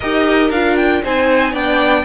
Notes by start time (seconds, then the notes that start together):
0.00 D#4 G4 A#4 D#5
0.50 D4 F4 F5
0.76 G5
1.02 C4 D#4 C5 G#5
1.51 B3 D4 D5 G5